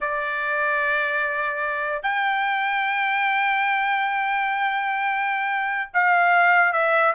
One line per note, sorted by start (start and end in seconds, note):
0.00 2.02 D5
2.02 5.90 G5
5.93 6.72 F5
6.72 7.13 E5